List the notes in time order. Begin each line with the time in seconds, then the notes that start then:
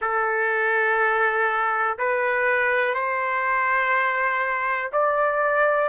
0.01 A4
1.98 B4
2.94 C5
4.92 D5